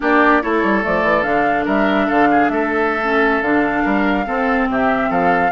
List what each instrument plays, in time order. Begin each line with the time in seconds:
0.00 bassoon A#3, clarinet D4, oboe G4, flute D5
0.42 bassoon A3, clarinet E4, oboe A4, flute C#5
0.63 bassoon G3
0.82 bassoon F3, clarinet A3, flute D5
1.03 bassoon E3
1.22 bassoon D3, clarinet D4, flute F5
1.64 bassoon G3, oboe A#4, flute E5
2.07 bassoon D3, oboe A4, flute F5
2.30 oboe G#4
2.49 bassoon A3, oboe A4, flute E5
3.03 clarinet C#4
3.41 bassoon D3, clarinet D4, flute F5
3.83 bassoon G3, oboe A#4
4.25 clarinet C4, bassoon C4, oboe A4
4.68 bassoon C3, oboe G4, flute E5
5.09 bassoon F3, oboe A4, flute F5